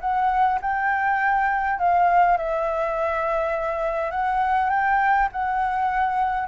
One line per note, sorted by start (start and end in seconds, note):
0.00 0.59 F#5
0.61 1.79 G5
1.79 2.37 F5
2.37 4.10 E5
4.10 4.69 F#5
4.70 5.28 G5
5.32 6.47 F#5